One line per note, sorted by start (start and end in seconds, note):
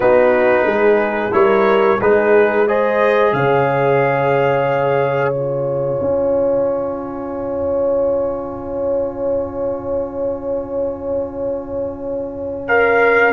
0.00 0.65 B3
0.00 1.31 D#4
0.00 0.66 F#4
0.00 1.33 B4
0.65 1.32 G#3
0.65 1.32 G#4
1.31 1.99 G3
1.31 1.98 E4
1.31 2.00 A#4
1.31 2.00 C#5
2.00 3.32 G#3
2.00 2.67 D#4
2.00 2.66 G#4
2.00 2.67 B4
2.67 5.33 G#4
2.67 3.34 C5
2.67 3.33 D#5
3.32 5.99 C#3
3.32 13.32 C#5
3.32 5.32 F5
5.32 12.66 F4
5.32 12.65 G#5
6.01 13.32 C#4
12.67 13.32 A#4
12.67 13.32 F5